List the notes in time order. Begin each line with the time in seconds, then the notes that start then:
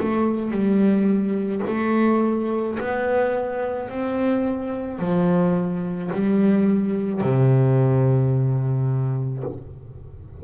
0.00 A3
0.51 G3
1.68 A3
2.79 B3
3.89 C4
4.99 F3
6.13 G3
7.21 C3